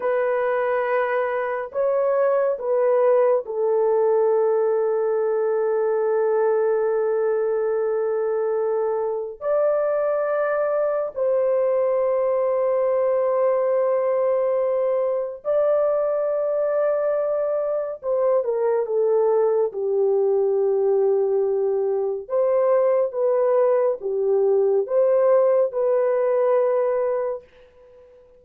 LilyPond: \new Staff \with { instrumentName = "horn" } { \time 4/4 \tempo 4 = 70 b'2 cis''4 b'4 | a'1~ | a'2. d''4~ | d''4 c''2.~ |
c''2 d''2~ | d''4 c''8 ais'8 a'4 g'4~ | g'2 c''4 b'4 | g'4 c''4 b'2 | }